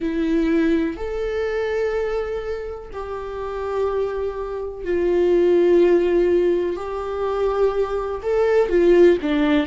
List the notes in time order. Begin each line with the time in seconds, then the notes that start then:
0.00 E4
0.96 A4
2.93 G4
4.84 F4
6.76 G4
8.23 A4
8.69 F4
9.22 D4